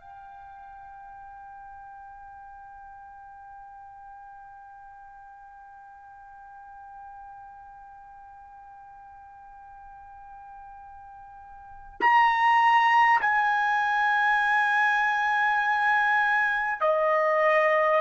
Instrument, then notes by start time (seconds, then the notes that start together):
trumpet
0.00 G5
12.00 A#5
13.21 G#5
16.80 D#5